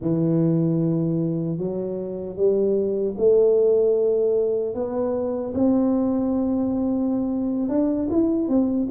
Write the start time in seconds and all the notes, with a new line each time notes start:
0.01 E3
1.58 F#3
2.36 G3
3.17 A3
4.74 B3
5.54 C4
7.69 D4
8.10 E4
8.48 C4